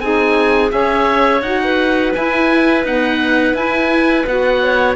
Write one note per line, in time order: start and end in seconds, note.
0.00 0.71 C4
0.00 0.69 D#4
0.00 0.73 G#4
0.00 0.71 G#5
0.69 1.41 C#4
0.69 1.40 G#4
0.69 1.62 C#5
0.69 1.42 E5
1.41 2.12 D#4
1.41 2.14 F#4
1.41 2.12 F#5
1.63 4.63 B4
2.14 2.85 E4
2.14 2.84 E4
2.14 2.85 G#5
2.84 3.54 B3
2.84 3.54 D#4
2.84 3.56 F#5
3.54 4.24 E4
3.54 4.27 G#5
4.26 4.96 B3
4.26 4.96 F#4
4.26 4.96 F#5
4.63 4.96 C#5